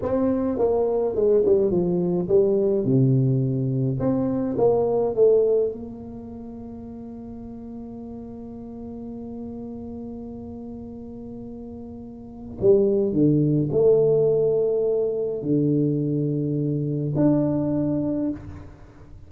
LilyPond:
\new Staff \with { instrumentName = "tuba" } { \time 4/4 \tempo 4 = 105 c'4 ais4 gis8 g8 f4 | g4 c2 c'4 | ais4 a4 ais2~ | ais1~ |
ais1~ | ais2 g4 d4 | a2. d4~ | d2 d'2 | }